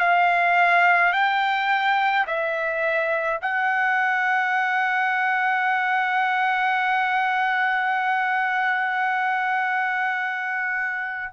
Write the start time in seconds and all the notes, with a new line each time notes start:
0.00 F5
1.13 G5
2.27 E5
3.42 F#5